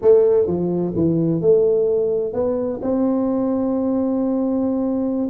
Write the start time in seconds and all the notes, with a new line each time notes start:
0.01 A3
0.46 F3
0.95 E3
1.41 A3
2.33 B3
2.82 C4